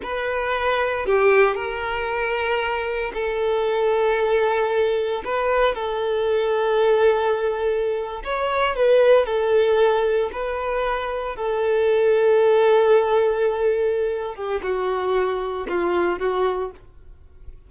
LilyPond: \new Staff \with { instrumentName = "violin" } { \time 4/4 \tempo 4 = 115 b'2 g'4 ais'4~ | ais'2 a'2~ | a'2 b'4 a'4~ | a'2.~ a'8. cis''16~ |
cis''8. b'4 a'2 b'16~ | b'4.~ b'16 a'2~ a'16~ | a'2.~ a'8 g'8 | fis'2 f'4 fis'4 | }